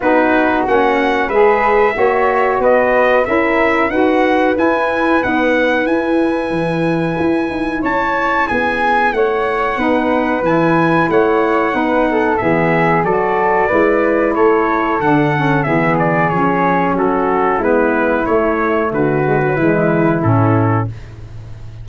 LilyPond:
<<
  \new Staff \with { instrumentName = "trumpet" } { \time 4/4 \tempo 4 = 92 b'4 fis''4 e''2 | dis''4 e''4 fis''4 gis''4 | fis''4 gis''2. | a''4 gis''4 fis''2 |
gis''4 fis''2 e''4 | d''2 cis''4 fis''4 | e''8 d''8 cis''4 a'4 b'4 | cis''4 b'2 a'4 | }
  \new Staff \with { instrumentName = "flute" } { \time 4/4 fis'2 b'4 cis''4 | b'4 ais'4 b'2~ | b'1 | cis''4 gis'4 cis''4 b'4~ |
b'4 cis''4 b'8 a'8 gis'4 | a'4 b'4 a'2 | gis'2 fis'4 e'4~ | e'4 fis'4 e'2 | }
  \new Staff \with { instrumentName = "saxophone" } { \time 4/4 dis'4 cis'4 gis'4 fis'4~ | fis'4 e'4 fis'4 e'4 | b4 e'2.~ | e'2. dis'4 |
e'2 dis'4 b4 | fis'4 e'2 d'8 cis'8 | b4 cis'2 b4 | a4. gis16 fis16 gis4 cis'4 | }
  \new Staff \with { instrumentName = "tuba" } { \time 4/4 b4 ais4 gis4 ais4 | b4 cis'4 dis'4 e'4 | dis'4 e'4 e4 e'8 dis'8 | cis'4 b4 a4 b4 |
e4 a4 b4 e4 | fis4 gis4 a4 d4 | e4 f4 fis4 gis4 | a4 d4 e4 a,4 | }
>>